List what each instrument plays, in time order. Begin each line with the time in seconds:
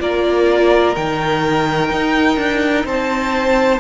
0.00 cello A#3, viola F4, violin A#4 D5
0.96 cello D#3, viola D#4, violin G5
1.91 cello D#4
2.37 cello D4
2.85 cello C4, violin C5 A5